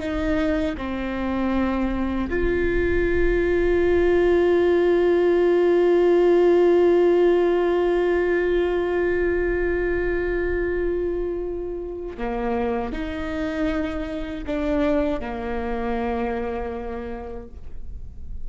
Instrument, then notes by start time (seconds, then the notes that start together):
viola
0.00 D#4
0.77 C4
2.30 F4
12.18 A#3
12.93 D#4
14.46 D4
15.21 A#3